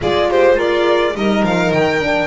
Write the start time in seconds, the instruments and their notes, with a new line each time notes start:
0.00 double bass G#3, horn F4, violin G#4 D5
0.29 violin G4 C5
0.54 violin F4 D5, horn A#4
1.15 double bass G3, horn D#4, violin A#4 D#5
1.42 double bass F3, violin F5
1.72 double bass D#3, violin G5
2.00 horn D4